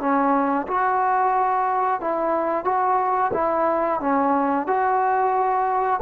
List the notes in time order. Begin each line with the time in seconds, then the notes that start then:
0.00 C#4
0.68 F#4
2.01 E4
2.65 F#4
3.34 E4
4.00 C#4
4.67 F#4